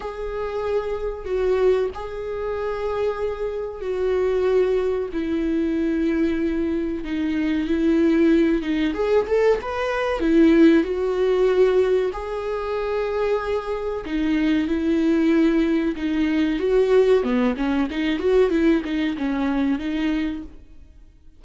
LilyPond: \new Staff \with { instrumentName = "viola" } { \time 4/4 \tempo 4 = 94 gis'2 fis'4 gis'4~ | gis'2 fis'2 | e'2. dis'4 | e'4. dis'8 gis'8 a'8 b'4 |
e'4 fis'2 gis'4~ | gis'2 dis'4 e'4~ | e'4 dis'4 fis'4 b8 cis'8 | dis'8 fis'8 e'8 dis'8 cis'4 dis'4 | }